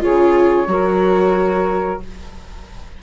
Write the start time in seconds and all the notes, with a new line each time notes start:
0.00 C#3 F4 G#4 C#5
0.67 F#3 F#4 A#4